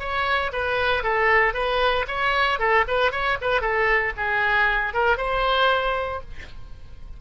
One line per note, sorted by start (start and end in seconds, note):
0.00 0.52 C#5
0.53 1.04 B4
1.04 1.54 A4
1.54 2.06 B4
2.08 2.60 C#5
2.60 2.85 A4
2.88 3.12 B4
3.12 3.38 C#5
3.42 3.62 B4
3.62 4.14 A4
4.17 4.94 G#4
4.94 5.18 A#4
5.18 6.21 C5